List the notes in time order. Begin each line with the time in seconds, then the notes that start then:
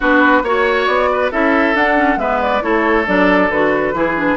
0.00 B3 D4 F#4 B4
0.42 A#3 F#4 C#5
0.86 B3 D5
1.12 B4
1.31 C#4 E4 A4 E5
1.74 D4 F#5
1.96 C#4
2.16 G#3 B3 B4 E5
2.41 D5
2.61 A3 E4 A4 C#5
3.06 F#3 D4 D5
3.50 D3 F#4 B4
3.93 E3 E4 G#4
4.16 D4